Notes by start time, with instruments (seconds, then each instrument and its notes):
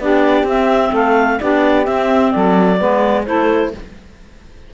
0.00 cello B3, clarinet D4 D5, saxophone G4
0.44 cello C4, clarinet E5
0.50 clarinet C4
0.91 cello A3, saxophone A4, clarinet F5
1.40 cello B3, clarinet D4 D5, saxophone G4
1.85 clarinet C4 E5, cello C4
2.32 cello F#3, saxophone A4, clarinet D5
2.79 cello G#3, clarinet B3, saxophone B4
3.25 cello A3, clarinet E4 C5, saxophone A4